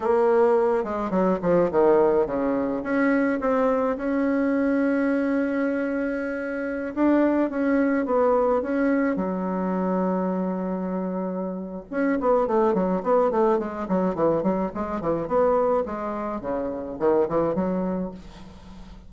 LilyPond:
\new Staff \with { instrumentName = "bassoon" } { \time 4/4 \tempo 4 = 106 ais4. gis8 fis8 f8 dis4 | cis4 cis'4 c'4 cis'4~ | cis'1~ | cis'16 d'4 cis'4 b4 cis'8.~ |
cis'16 fis2.~ fis8.~ | fis4 cis'8 b8 a8 fis8 b8 a8 | gis8 fis8 e8 fis8 gis8 e8 b4 | gis4 cis4 dis8 e8 fis4 | }